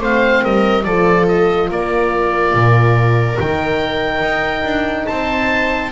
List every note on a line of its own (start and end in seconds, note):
0.00 0.43 A3
0.00 0.85 C4
0.00 0.43 C5
0.00 0.44 F5
0.43 0.85 G3
0.43 0.85 A#4
0.43 0.84 D#5
0.84 1.70 F3
0.84 3.38 F4
0.84 1.71 A4
0.84 1.26 D5
1.28 1.70 D#5
1.70 2.54 A#3
1.70 5.09 A#4
1.70 3.40 D5
2.54 3.38 A#2
3.38 4.21 D#3
3.38 5.92 D#4
3.38 5.07 G5
4.21 4.63 D#4
4.64 5.06 D4
5.07 5.92 C4
5.07 5.92 C5
5.07 5.91 A5